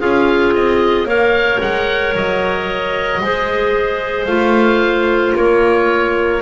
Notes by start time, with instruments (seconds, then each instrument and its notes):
0.00 double bass C#4, clarinet F4 G#4, oboe F5
0.55 double bass C4, oboe D#5
1.05 double bass A#3, clarinet A#4 C#5, oboe F5
1.61 double bass G#3, oboe F#5
2.15 double bass F#3, oboe D#5
3.21 double bass G#3, clarinet G#4 C5
4.26 double bass A3, clarinet F4, oboe F5
5.35 double bass A#3, clarinet A#4, oboe C#5